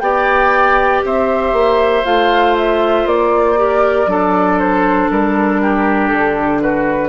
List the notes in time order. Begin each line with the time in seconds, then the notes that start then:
0.00 B3 G4 D5 G5
1.05 C4 C5 E5
1.52 A#3
2.05 A3 F4 F5
2.57 E5
3.06 A#3 D5
3.57 G4 A#4
4.07 F#3 D4 A4
4.59 C5
5.10 G3 A#4
5.62 G4
6.08 D3 A4
6.62 F#4 B4